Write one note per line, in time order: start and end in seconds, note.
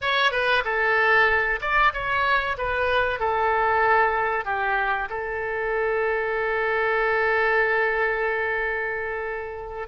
0.01 0.31 C#5
0.31 0.63 B4
0.64 1.60 A4
1.61 1.93 D5
1.93 2.56 C#5
2.57 3.19 B4
3.19 4.44 A4
4.44 5.08 G4
5.09 9.88 A4